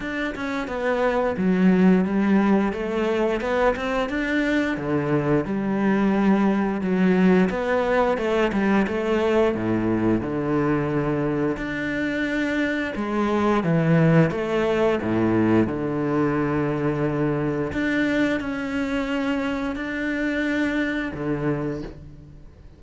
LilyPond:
\new Staff \with { instrumentName = "cello" } { \time 4/4 \tempo 4 = 88 d'8 cis'8 b4 fis4 g4 | a4 b8 c'8 d'4 d4 | g2 fis4 b4 | a8 g8 a4 a,4 d4~ |
d4 d'2 gis4 | e4 a4 a,4 d4~ | d2 d'4 cis'4~ | cis'4 d'2 d4 | }